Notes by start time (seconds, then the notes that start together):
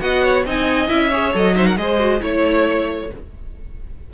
0.00 B3 F#4 D#5 F#5
0.24 C#5
0.46 C4 D#4 D#5 G#5
0.88 C#4 E4 E5
1.10 G#4 C#5
1.33 F#3 A4 D#5
1.55 D#4 C5 E5
1.66 A#4 F#5
1.77 G#3 G#4 C5 D#5
2.00 F#4
2.20 A3 E4 C#5